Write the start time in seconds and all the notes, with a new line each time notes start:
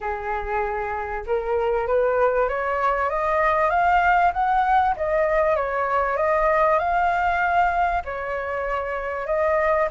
0.00 G#4
1.26 A#4
1.87 B4
2.49 C#5
3.09 D#5
3.70 F5
4.33 F#5
4.96 D#5
5.56 C#5
6.17 D#5
6.78 F5
8.04 C#5
9.26 D#5